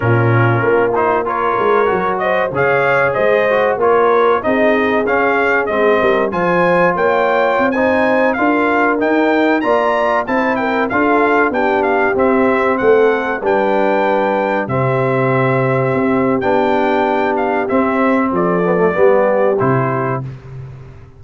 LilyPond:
<<
  \new Staff \with { instrumentName = "trumpet" } { \time 4/4 \tempo 4 = 95 ais'4. c''8 cis''4. dis''8 | f''4 dis''4 cis''4 dis''4 | f''4 dis''4 gis''4 g''4~ | g''16 gis''4 f''4 g''4 ais''8.~ |
ais''16 a''8 g''8 f''4 g''8 f''8 e''8.~ | e''16 fis''4 g''2 e''8.~ | e''2 g''4. f''8 | e''4 d''2 c''4 | }
  \new Staff \with { instrumentName = "horn" } { \time 4/4 f'2 ais'4. c''8 | cis''4 c''4 ais'4 gis'4~ | gis'4. ais'8 c''4 cis''4~ | cis''16 c''4 ais'2 d''8.~ |
d''16 c''8 ais'8 a'4 g'4.~ g'16~ | g'16 a'4 b'2 g'8.~ | g'1~ | g'4 a'4 g'2 | }
  \new Staff \with { instrumentName = "trombone" } { \time 4/4 cis'4. dis'8 f'4 fis'4 | gis'4. fis'8 f'4 dis'4 | cis'4 c'4 f'2~ | f'16 dis'4 f'4 dis'4 f'8.~ |
f'16 e'4 f'4 d'4 c'8.~ | c'4~ c'16 d'2 c'8.~ | c'2 d'2 | c'4. b16 a16 b4 e'4 | }
  \new Staff \with { instrumentName = "tuba" } { \time 4/4 ais,4 ais4. gis8 fis4 | cis4 gis4 ais4 c'4 | cis'4 gis8 g8 f4 ais4 | c'4~ c'16 d'4 dis'4 ais8.~ |
ais16 c'4 d'4 b4 c'8.~ | c'16 a4 g2 c8.~ | c4~ c16 c'8. b2 | c'4 f4 g4 c4 | }
>>